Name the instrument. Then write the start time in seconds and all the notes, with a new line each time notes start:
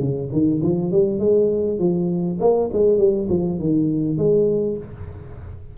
tuba
0.00 C#3
0.32 D#3
0.63 F3
0.92 G3
1.20 G#3
1.79 F3
2.40 A#3
2.73 G#3
2.98 G3
3.30 F3
3.59 D#3
4.18 G#3